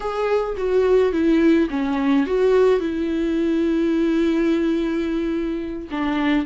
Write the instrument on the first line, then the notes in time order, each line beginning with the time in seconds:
viola
0.00 G#4
0.57 F#4
1.12 E4
1.70 C#4
2.26 F#4
2.79 E4
5.91 D4